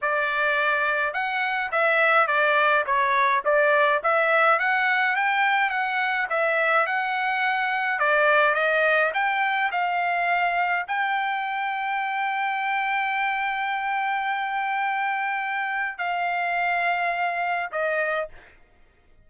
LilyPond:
\new Staff \with { instrumentName = "trumpet" } { \time 4/4 \tempo 4 = 105 d''2 fis''4 e''4 | d''4 cis''4 d''4 e''4 | fis''4 g''4 fis''4 e''4 | fis''2 d''4 dis''4 |
g''4 f''2 g''4~ | g''1~ | g''1 | f''2. dis''4 | }